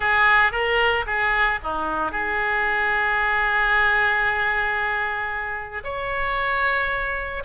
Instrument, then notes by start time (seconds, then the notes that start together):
oboe
0.00 G#4
0.52 A#4
1.06 G#4
1.63 D#4
2.11 G#4
5.83 C#5